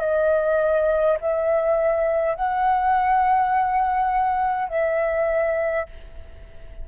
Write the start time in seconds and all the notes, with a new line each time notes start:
0.00 D#5
1.20 E5
2.35 F#5
4.68 E5